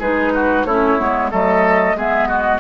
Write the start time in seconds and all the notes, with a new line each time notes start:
0.00 G#3 D#4 G#4 B4
0.35 F#4
0.65 A3 C#4 E4 C#5
0.99 G#3 B3
1.31 F#3 A3 A4 D#5
1.95 G#3 B3 G#4 E5
2.27 F#4 D#5